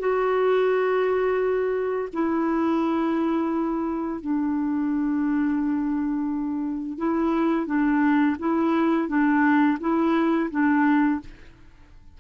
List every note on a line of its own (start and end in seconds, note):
0.00 2.09 F#4
2.13 4.21 E4
4.21 6.98 D4
6.98 7.67 E4
7.67 8.37 D4
8.39 9.09 E4
9.09 9.79 D4
9.81 10.51 E4
10.51 11.21 D4